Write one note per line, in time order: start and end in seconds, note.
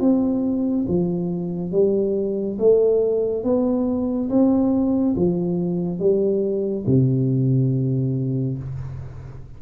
0.00 0.86 C4
0.88 1.71 F3
1.71 2.57 G3
2.59 3.44 A3
3.44 4.29 B3
4.29 5.15 C4
5.16 5.99 F3
5.99 6.85 G3
6.86 8.58 C3